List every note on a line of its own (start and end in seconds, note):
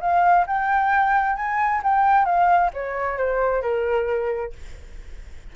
0.00 0.45 F5
0.46 1.36 G5
1.36 1.81 G#5
1.83 2.25 G5
2.25 2.70 F5
2.73 3.17 C#5
3.17 3.62 C5
3.62 4.53 A#4